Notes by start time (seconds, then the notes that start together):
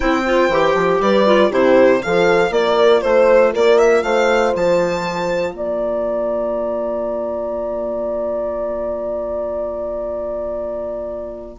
0.00 C4 E4 C5 G5
0.26 F4
0.49 E3 G4
0.74 F3
1.00 G3 B4 D5
1.25 F4
1.49 C3 E4 G4 C5
1.99 F3 F4 A4 F5
2.50 A#3 A#4 D5
3.01 A3 C5
3.53 A#3 A#4 D5
3.78 E5
4.02 A3 C5 F5
4.54 F3 A5
5.53 A#3 D5 A#5